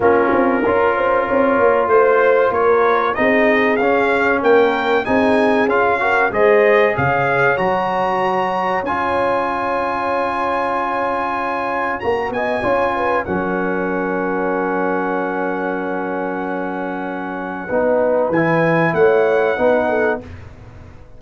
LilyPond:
<<
  \new Staff \with { instrumentName = "trumpet" } { \time 4/4 \tempo 4 = 95 ais'2. c''4 | cis''4 dis''4 f''4 g''4 | gis''4 f''4 dis''4 f''4 | ais''2 gis''2~ |
gis''2. ais''8 gis''8~ | gis''4 fis''2.~ | fis''1~ | fis''4 gis''4 fis''2 | }
  \new Staff \with { instrumentName = "horn" } { \time 4/4 f'4 ais'8 c''8 cis''4 c''4 | ais'4 gis'2 ais'4 | gis'4. ais'8 c''4 cis''4~ | cis''1~ |
cis''2.~ cis''8 dis''8 | cis''8 b'8 ais'2.~ | ais'1 | b'2 cis''4 b'8 a'8 | }
  \new Staff \with { instrumentName = "trombone" } { \time 4/4 cis'4 f'2.~ | f'4 dis'4 cis'2 | dis'4 f'8 fis'8 gis'2 | fis'2 f'2~ |
f'2. fis'4 | f'4 cis'2.~ | cis'1 | dis'4 e'2 dis'4 | }
  \new Staff \with { instrumentName = "tuba" } { \time 4/4 ais8 c'8 cis'4 c'8 ais8 a4 | ais4 c'4 cis'4 ais4 | c'4 cis'4 gis4 cis4 | fis2 cis'2~ |
cis'2. ais8 b8 | cis'4 fis2.~ | fis1 | b4 e4 a4 b4 | }
>>